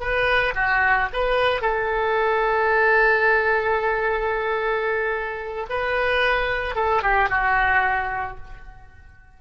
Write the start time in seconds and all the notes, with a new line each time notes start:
0.00 B4
0.55 F#4
1.13 B4
1.61 A4
5.70 B4
6.75 A4
7.02 G4
7.29 F#4